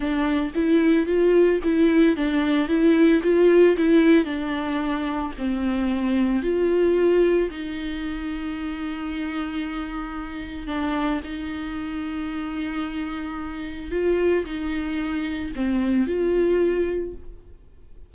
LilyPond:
\new Staff \with { instrumentName = "viola" } { \time 4/4 \tempo 4 = 112 d'4 e'4 f'4 e'4 | d'4 e'4 f'4 e'4 | d'2 c'2 | f'2 dis'2~ |
dis'1 | d'4 dis'2.~ | dis'2 f'4 dis'4~ | dis'4 c'4 f'2 | }